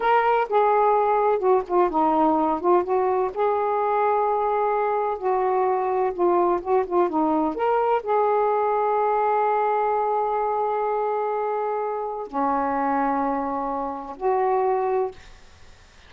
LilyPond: \new Staff \with { instrumentName = "saxophone" } { \time 4/4 \tempo 4 = 127 ais'4 gis'2 fis'8 f'8 | dis'4. f'8 fis'4 gis'4~ | gis'2. fis'4~ | fis'4 f'4 fis'8 f'8 dis'4 |
ais'4 gis'2.~ | gis'1~ | gis'2 cis'2~ | cis'2 fis'2 | }